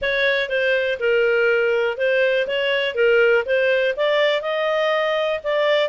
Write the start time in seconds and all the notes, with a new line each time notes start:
0.01 C#5
0.49 C5
0.99 A#4
1.97 C5
2.47 C#5
2.94 A#4
3.45 C5
3.96 D5
4.41 D#5
5.43 D5